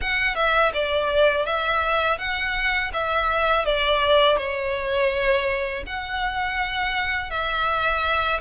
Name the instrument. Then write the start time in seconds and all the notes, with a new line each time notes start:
violin
0.01 F#5
0.35 E5
0.73 D5
1.45 E5
2.18 F#5
2.93 E5
3.65 D5
4.37 C#5
5.86 F#5
7.30 E5